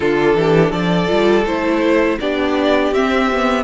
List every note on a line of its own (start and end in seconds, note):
0.00 0.34 D3
0.00 1.07 D4
0.00 0.36 F4
0.00 0.71 A4
0.34 0.71 E3
0.34 0.70 G4
0.70 1.08 F3
0.70 2.16 A4
0.70 1.45 D5
1.07 1.45 G3
1.07 1.44 F4
1.45 2.18 A3
1.45 2.19 E4
1.45 2.19 C5
2.20 2.91 B3
2.20 2.93 D4
2.20 3.63 G4
2.20 2.93 D5
2.91 3.63 C4
2.91 3.30 C4
2.91 3.63 E5
3.31 3.63 B3